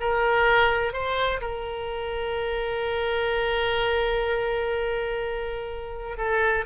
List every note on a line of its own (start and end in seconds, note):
0.00 0.92 A#4
0.92 1.40 C5
1.41 6.17 A#4
6.17 6.65 A4